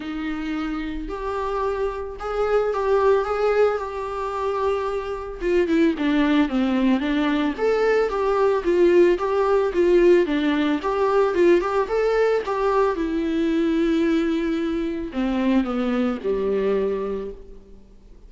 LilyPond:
\new Staff \with { instrumentName = "viola" } { \time 4/4 \tempo 4 = 111 dis'2 g'2 | gis'4 g'4 gis'4 g'4~ | g'2 f'8 e'8 d'4 | c'4 d'4 a'4 g'4 |
f'4 g'4 f'4 d'4 | g'4 f'8 g'8 a'4 g'4 | e'1 | c'4 b4 g2 | }